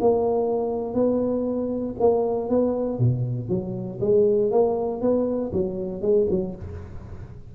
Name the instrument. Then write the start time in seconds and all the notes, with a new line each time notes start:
tuba
0.00 A#3
0.94 B3
1.99 A#3
2.49 B3
2.98 B2
3.49 F#3
4.00 G#3
4.51 A#3
5.01 B3
5.52 F#3
6.01 G#3
6.30 F#3